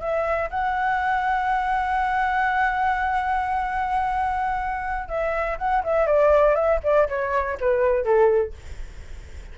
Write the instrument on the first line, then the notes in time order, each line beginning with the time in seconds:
flute
0.00 E5
0.50 F#5
5.08 E5
5.58 F#5
5.83 E5
6.06 D5
6.55 E5
6.83 D5
7.08 C#5
7.60 B4
8.04 A4